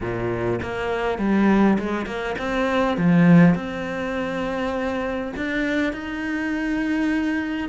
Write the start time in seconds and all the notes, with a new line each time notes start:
0.00 A#2
0.62 A#3
1.18 G3
1.78 G#3
2.05 A#3
2.38 C4
2.97 F3
3.55 C4
5.36 D4
5.92 D#4